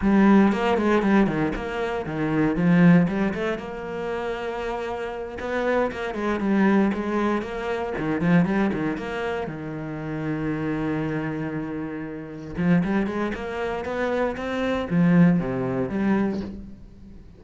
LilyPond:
\new Staff \with { instrumentName = "cello" } { \time 4/4 \tempo 4 = 117 g4 ais8 gis8 g8 dis8 ais4 | dis4 f4 g8 a8 ais4~ | ais2~ ais8 b4 ais8 | gis8 g4 gis4 ais4 dis8 |
f8 g8 dis8 ais4 dis4.~ | dis1~ | dis8 f8 g8 gis8 ais4 b4 | c'4 f4 c4 g4 | }